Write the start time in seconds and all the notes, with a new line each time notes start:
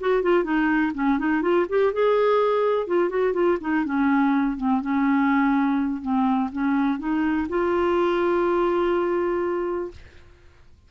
0.00 F#4
0.22 F4
0.43 D#4
0.94 C#4
1.19 D#4
1.42 F4
1.69 G4
1.93 G#4
2.87 F4
3.09 F#4
3.33 F4
3.60 D#4
3.85 C#4
4.57 C4
4.81 C#4
6.02 C4
6.52 C#4
6.99 D#4
7.49 F4